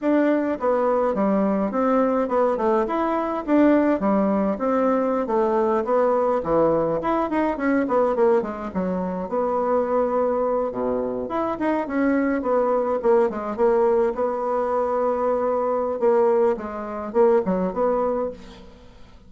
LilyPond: \new Staff \with { instrumentName = "bassoon" } { \time 4/4 \tempo 4 = 105 d'4 b4 g4 c'4 | b8 a8 e'4 d'4 g4 | c'4~ c'16 a4 b4 e8.~ | e16 e'8 dis'8 cis'8 b8 ais8 gis8 fis8.~ |
fis16 b2~ b8 b,4 e'16~ | e'16 dis'8 cis'4 b4 ais8 gis8 ais16~ | ais8. b2.~ b16 | ais4 gis4 ais8 fis8 b4 | }